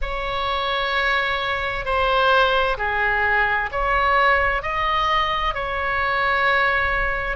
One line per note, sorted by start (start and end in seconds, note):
0.01 1.85 C#5
1.85 2.77 C5
2.77 3.69 G#4
3.71 4.62 C#5
4.62 5.54 D#5
5.54 7.36 C#5